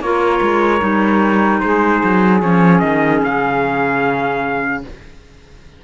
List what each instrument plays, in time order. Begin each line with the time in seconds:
0.00 cello A#3, clarinet F4, saxophone A#4, trumpet C#5
0.41 cello G#3
0.80 cello G3, clarinet D#4
1.60 cello G#3, saxophone G#4, trumpet C5
2.04 cello F#3
2.41 cello F3, clarinet C#4, trumpet C#5
2.80 cello D#3, trumpet D#5
3.24 cello C#3, trumpet F5